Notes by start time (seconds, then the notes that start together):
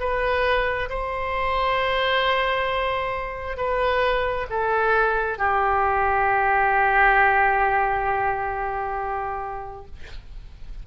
0.00 B4
0.90 C5
3.57 B4
4.50 A4
5.39 G4